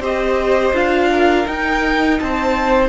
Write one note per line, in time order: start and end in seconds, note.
0.00 0.72 C4
0.00 0.74 G4
0.00 1.09 C5
0.00 0.76 D#5
0.73 1.46 D4
0.73 1.46 F4
0.73 1.48 F5
1.12 2.20 A#4
1.46 2.89 D#4
1.46 2.20 D#4
1.46 2.20 G5
2.20 2.89 C4
2.20 2.89 C5
2.20 2.89 A5